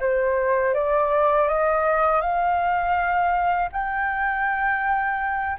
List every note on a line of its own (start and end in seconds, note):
0.00 0.74 C5
0.74 1.48 D5
1.48 2.21 D#5
2.21 3.69 F5
3.72 5.57 G5